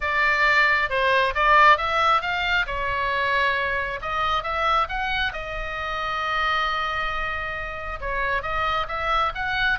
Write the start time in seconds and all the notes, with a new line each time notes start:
0.00 D5
0.89 C5
1.34 D5
1.77 E5
2.21 F5
2.66 C#5
4.01 D#5
4.43 E5
4.88 F#5
5.32 D#5
8.00 C#5
8.42 D#5
8.88 E5
9.34 F#5